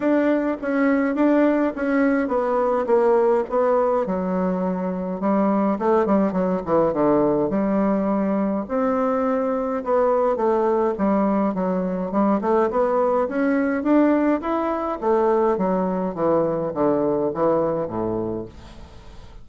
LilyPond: \new Staff \with { instrumentName = "bassoon" } { \time 4/4 \tempo 4 = 104 d'4 cis'4 d'4 cis'4 | b4 ais4 b4 fis4~ | fis4 g4 a8 g8 fis8 e8 | d4 g2 c'4~ |
c'4 b4 a4 g4 | fis4 g8 a8 b4 cis'4 | d'4 e'4 a4 fis4 | e4 d4 e4 a,4 | }